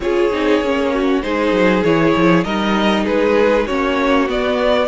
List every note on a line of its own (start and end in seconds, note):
0.00 0.28 C#4
0.00 0.32 F4
0.00 0.93 G#4
0.00 1.22 C#5
0.32 0.61 C4
0.32 0.62 D#4
0.61 1.23 A#3
0.61 1.23 C#4
0.93 1.24 F#4
1.22 1.51 G#3
1.22 1.84 D#4
1.22 2.45 G#4
1.22 1.83 C5
1.51 1.82 F#3
1.83 2.14 E3
1.83 2.45 E4
1.83 2.43 C#5
2.15 2.44 F3
2.43 3.05 G3
2.43 3.67 D#4
2.43 3.04 A#4
2.43 3.05 D#5
3.04 3.69 G#3
3.04 3.65 G#4
3.04 3.67 B4
3.66 4.29 A#3
3.66 4.28 C#4
3.66 4.87 F#4
3.66 4.28 C#5
4.28 4.87 B3
4.28 4.87 D5